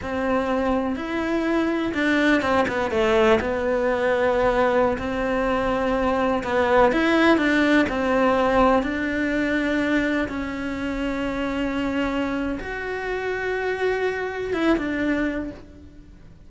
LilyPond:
\new Staff \with { instrumentName = "cello" } { \time 4/4 \tempo 4 = 124 c'2 e'2 | d'4 c'8 b8 a4 b4~ | b2~ b16 c'4.~ c'16~ | c'4~ c'16 b4 e'4 d'8.~ |
d'16 c'2 d'4.~ d'16~ | d'4~ d'16 cis'2~ cis'8.~ | cis'2 fis'2~ | fis'2 e'8 d'4. | }